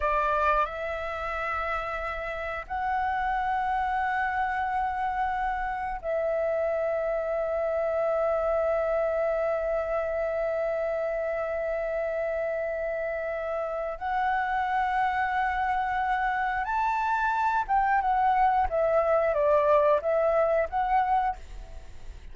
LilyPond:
\new Staff \with { instrumentName = "flute" } { \time 4/4 \tempo 4 = 90 d''4 e''2. | fis''1~ | fis''4 e''2.~ | e''1~ |
e''1~ | e''4 fis''2.~ | fis''4 a''4. g''8 fis''4 | e''4 d''4 e''4 fis''4 | }